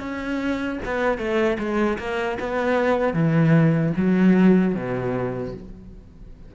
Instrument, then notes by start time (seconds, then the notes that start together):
cello
0.00 C#4
0.85 B3
1.18 A3
1.59 G#3
1.99 A#3
2.40 B3
3.14 E3
3.97 F#3
4.75 B2